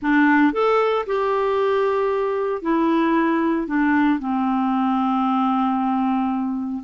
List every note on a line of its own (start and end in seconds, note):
0.02 0.52 D4
0.52 1.05 A4
1.06 2.61 G4
2.61 3.67 E4
3.67 4.19 D4
4.19 6.82 C4